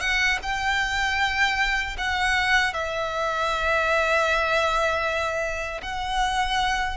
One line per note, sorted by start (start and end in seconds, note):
0.00 0.38 F#5
0.43 1.97 G5
1.98 2.73 F#5
2.73 5.81 E5
5.82 6.97 F#5